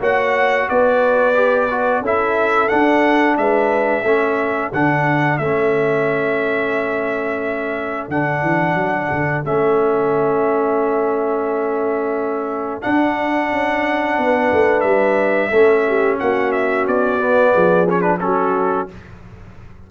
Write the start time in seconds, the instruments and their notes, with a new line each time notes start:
0.00 tuba A#3, trombone F#4, horn C#5, trumpet F#5
0.69 tuba B3, horn B4, trumpet D5
1.35 trombone G4
1.70 trombone F#4
2.02 tuba C#4, trombone E4, horn A4, trumpet E5
2.69 trombone D4, tuba D4, trumpet F#5
3.37 tuba G#3, horn B4, trumpet E5
4.03 tuba A3, trombone C#4, horn A4
4.72 tuba D3, trombone D4, trumpet F#5
5.38 tuba A3, trombone C#4, trumpet E5
8.09 tuba D3, trombone D4, trumpet F#5
8.42 tuba E3
8.75 tuba F#3
9.11 tuba D3
9.45 tuba A3, trombone C#4, trumpet E5
12.82 trombone D4, tuba D4, trumpet F#5
13.52 tuba C#4
14.18 tuba B3, horn B4
14.52 tuba A3
14.81 tuba G3, trumpet E5
15.50 tuba A3, trombone C#4, horn A4
15.88 horn G4
16.19 tuba A#3, horn F#4, trumpet F#5
16.52 trumpet E5
16.87 tuba B3, trumpet D5
17.20 trombone B3
17.53 tuba F3, horn G#4
17.89 trombone C#4, trumpet C#5
18.01 trombone D4, trumpet B4
18.21 tuba F#3, trombone C#4, horn F#4, trumpet A4